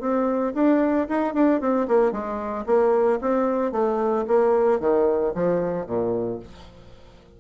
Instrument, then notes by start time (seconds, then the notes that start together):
bassoon
0.00 C4
0.54 D4
1.09 D#4
1.34 D4
1.60 C4
1.88 A#3
2.12 G#3
2.66 A#3
3.21 C4
3.72 A3
4.27 A#3
4.80 D#3
5.34 F3
5.86 A#2